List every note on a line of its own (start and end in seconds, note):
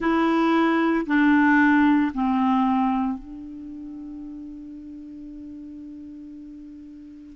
0.00 1.06 E4
1.06 2.11 D4
2.13 3.18 C4
3.18 7.36 D4